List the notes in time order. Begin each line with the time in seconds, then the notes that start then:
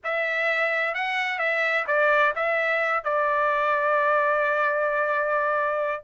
0.04 E5
0.94 F#5
1.38 E5
1.87 D5
2.35 E5
3.04 D5